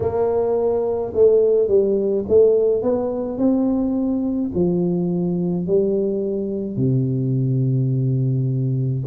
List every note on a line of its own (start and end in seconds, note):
0.00 1.12 A#3
1.13 1.68 A3
1.68 2.24 G3
2.28 2.82 A3
2.82 3.38 B3
3.38 4.51 C4
4.54 5.66 F3
5.66 6.76 G3
6.76 9.03 C3